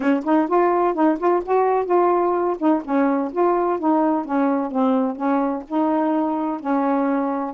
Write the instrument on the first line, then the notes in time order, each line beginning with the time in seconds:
saxophone
0.00 C#4
0.24 D#4
0.47 F4
0.94 D#4
1.19 F4
1.45 F#4
1.85 F4
2.59 D#4
2.84 C#4
3.32 F4
3.79 D#4
4.25 C#4
4.71 C4
5.16 C#4
5.68 D#4
6.60 C#4